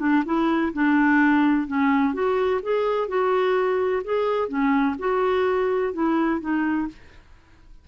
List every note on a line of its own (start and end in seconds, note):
0.00 0.24 D4
0.25 0.73 E4
0.73 1.67 D4
1.67 2.14 C#4
2.14 2.61 F#4
2.63 3.08 G#4
3.08 4.03 F#4
4.04 4.48 G#4
4.48 4.96 C#4
4.99 5.93 F#4
5.93 6.41 E4
6.41 6.88 D#4